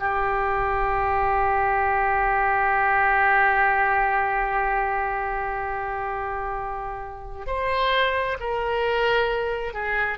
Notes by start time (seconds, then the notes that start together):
0.00 G4
7.47 C5
8.40 A#4
9.74 G#4